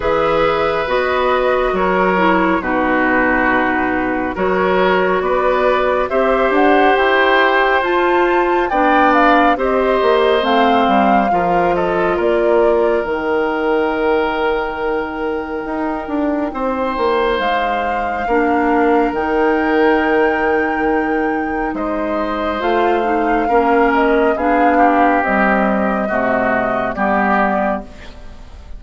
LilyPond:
<<
  \new Staff \with { instrumentName = "flute" } { \time 4/4 \tempo 4 = 69 e''4 dis''4 cis''4 b'4~ | b'4 cis''4 d''4 e''8 fis''8 | g''4 a''4 g''8 f''8 dis''4 | f''4. dis''8 d''4 g''4~ |
g''1 | f''2 g''2~ | g''4 dis''4 f''4. dis''8 | f''4 dis''2 d''4 | }
  \new Staff \with { instrumentName = "oboe" } { \time 4/4 b'2 ais'4 fis'4~ | fis'4 ais'4 b'4 c''4~ | c''2 d''4 c''4~ | c''4 ais'8 a'8 ais'2~ |
ais'2. c''4~ | c''4 ais'2.~ | ais'4 c''2 ais'4 | gis'8 g'4. fis'4 g'4 | }
  \new Staff \with { instrumentName = "clarinet" } { \time 4/4 gis'4 fis'4. e'8 dis'4~ | dis'4 fis'2 g'4~ | g'4 f'4 d'4 g'4 | c'4 f'2 dis'4~ |
dis'1~ | dis'4 d'4 dis'2~ | dis'2 f'8 dis'8 cis'4 | d'4 g4 a4 b4 | }
  \new Staff \with { instrumentName = "bassoon" } { \time 4/4 e4 b4 fis4 b,4~ | b,4 fis4 b4 c'8 d'8 | e'4 f'4 b4 c'8 ais8 | a8 g8 f4 ais4 dis4~ |
dis2 dis'8 d'8 c'8 ais8 | gis4 ais4 dis2~ | dis4 gis4 a4 ais4 | b4 c'4 c4 g4 | }
>>